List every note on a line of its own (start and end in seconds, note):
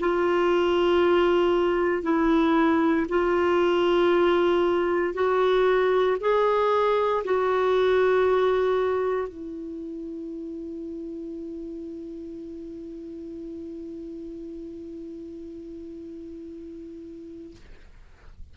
0.00 2.03 F4
2.03 3.06 E4
3.08 5.14 F4
5.14 6.17 F#4
6.20 7.24 G#4
7.25 9.28 F#4
9.28 17.56 E4